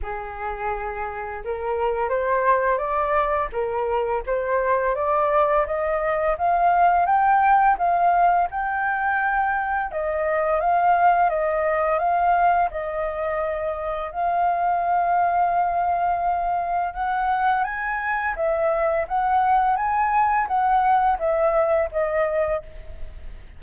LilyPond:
\new Staff \with { instrumentName = "flute" } { \time 4/4 \tempo 4 = 85 gis'2 ais'4 c''4 | d''4 ais'4 c''4 d''4 | dis''4 f''4 g''4 f''4 | g''2 dis''4 f''4 |
dis''4 f''4 dis''2 | f''1 | fis''4 gis''4 e''4 fis''4 | gis''4 fis''4 e''4 dis''4 | }